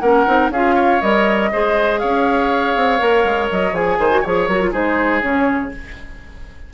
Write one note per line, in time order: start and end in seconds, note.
0.00 0.26 A#3
0.00 0.27 C#4
0.00 0.52 A#4
0.00 0.50 F#5
0.27 0.50 C4
0.27 0.52 D#4
0.50 1.00 C#4
0.50 1.02 F4
0.50 0.75 G#4
0.50 1.02 F5
0.75 1.50 C#5
1.02 1.52 G3
1.02 1.52 A#4
1.02 1.99 D#5
1.52 2.03 G#3
1.52 2.99 G#4
1.52 2.01 C5
1.99 2.76 C#4
1.99 3.99 C#5
1.99 3.48 F5
2.76 3.01 C4
2.99 3.25 A#3
2.99 3.73 A#4
3.25 3.49 G#3
3.51 3.73 F#3
3.51 3.75 D#5
3.73 3.98 F3
3.73 4.10 G#4
3.73 4.25 G#5
3.99 4.24 D#3
3.99 4.21 C5
4.10 4.23 F#4
4.21 4.49 F3
4.21 4.50 G#4
4.21 4.71 C#5
4.21 4.47 C#5
4.47 4.73 F#3
4.47 4.62 F#4
4.47 4.72 A#4
4.62 4.73 F4
4.71 5.23 G#3
4.71 5.22 D#4
4.71 5.71 G#4
4.71 5.22 C5
5.22 5.74 C#3
5.22 5.71 C#4
5.22 5.72 C#5